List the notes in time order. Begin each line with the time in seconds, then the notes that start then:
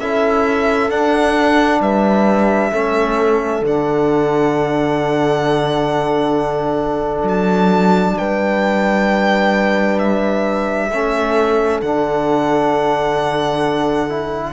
0.00 C#4 E4 A4 E5
0.91 D4 F#5
1.81 G3 B4 E5
2.72 A3 C#4 A4
3.62 D3 D4 F#5
7.23 F#3 A5
8.18 G3 B4 G5
9.99 E5
10.91 A3 C#4 A4
11.82 D3 D4 F#5
14.10 E4